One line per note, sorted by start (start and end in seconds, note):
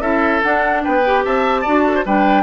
0.00 0.41 C#4
0.00 0.42 E4
0.00 0.82 A4
0.00 0.42 E5
0.42 1.03 D4
0.42 0.86 D4
0.42 0.83 F#5
0.84 1.26 B3
0.84 1.25 B4
0.84 1.24 G5
1.05 1.66 G4
1.25 1.66 C4
1.25 1.61 E5
1.25 2.06 A5
1.61 2.05 D4
1.61 2.06 F#4
1.61 1.82 D5
1.87 1.95 A4
1.95 2.05 C5
2.05 2.43 G3
2.05 2.43 D4
2.05 2.43 B4
2.05 2.43 G5